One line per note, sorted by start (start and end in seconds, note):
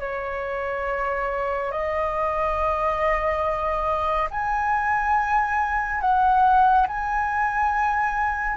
0.00 1.71 C#5
1.71 4.29 D#5
4.31 6.01 G#5
6.01 6.87 F#5
6.88 8.57 G#5